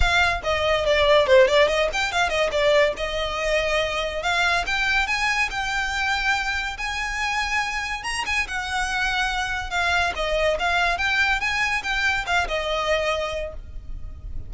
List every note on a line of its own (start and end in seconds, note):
0.00 0.41 F5
0.43 0.85 D#5
0.85 1.27 D5
1.27 1.47 C5
1.47 1.67 D5
1.67 1.89 D#5
1.92 2.11 G5
2.11 2.29 F5
2.29 2.50 D#5
2.51 2.93 D5
2.96 4.22 D#5
4.22 4.65 F5
4.66 5.07 G5
5.07 5.49 G#5
5.50 6.77 G5
6.77 8.03 G#5
8.03 8.24 A#5
8.26 8.47 G#5
8.47 9.70 F#5
9.70 10.12 F5
10.15 10.57 D#5
10.59 10.98 F5
10.98 11.40 G5
11.40 11.82 G#5
11.83 12.25 G5
12.26 12.47 F5
12.48 13.53 D#5